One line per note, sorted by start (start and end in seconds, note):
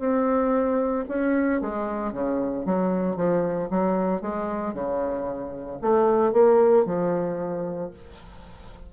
0.00 1.05 C4
1.09 1.61 C#4
1.61 2.13 G#3
2.13 2.66 C#3
2.66 3.17 F#3
3.17 3.70 F3
3.71 4.22 F#3
4.22 4.74 G#3
4.74 5.80 C#3
5.82 6.33 A3
6.33 6.86 A#3
6.86 7.91 F3